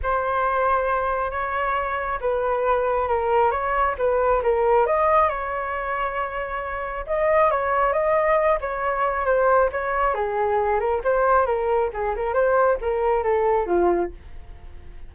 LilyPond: \new Staff \with { instrumentName = "flute" } { \time 4/4 \tempo 4 = 136 c''2. cis''4~ | cis''4 b'2 ais'4 | cis''4 b'4 ais'4 dis''4 | cis''1 |
dis''4 cis''4 dis''4. cis''8~ | cis''4 c''4 cis''4 gis'4~ | gis'8 ais'8 c''4 ais'4 gis'8 ais'8 | c''4 ais'4 a'4 f'4 | }